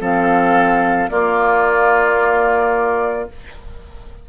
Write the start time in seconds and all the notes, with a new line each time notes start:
0.00 F3 C4 A4 F5
1.09 A#3 F4 D5